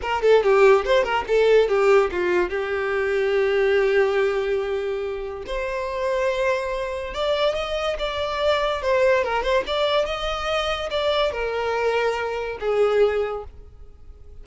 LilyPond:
\new Staff \with { instrumentName = "violin" } { \time 4/4 \tempo 4 = 143 ais'8 a'8 g'4 c''8 ais'8 a'4 | g'4 f'4 g'2~ | g'1~ | g'4 c''2.~ |
c''4 d''4 dis''4 d''4~ | d''4 c''4 ais'8 c''8 d''4 | dis''2 d''4 ais'4~ | ais'2 gis'2 | }